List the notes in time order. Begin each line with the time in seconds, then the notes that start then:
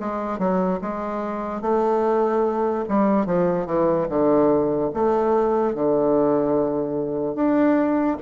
0.00 G#3
0.38 F#3
0.81 G#3
1.61 A3
2.89 G3
3.26 F3
3.67 E3
4.09 D3
4.94 A3
5.75 D3
7.35 D4